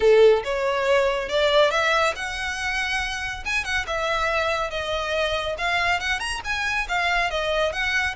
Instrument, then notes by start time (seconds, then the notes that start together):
violin
0.00 A4
0.44 C#5
1.28 D5
1.70 E5
2.15 F#5
3.45 G#5
3.64 F#5
3.86 E5
4.70 D#5
5.58 F5
5.99 F#5
6.19 A#5
6.44 G#5
6.88 F5
7.30 D#5
7.72 F#5